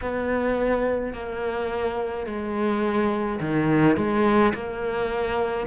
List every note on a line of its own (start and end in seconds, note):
0.01 1.13 B3
1.13 2.26 A#3
2.26 3.40 G#3
3.40 3.96 D#3
3.96 4.53 G#3
4.53 5.66 A#3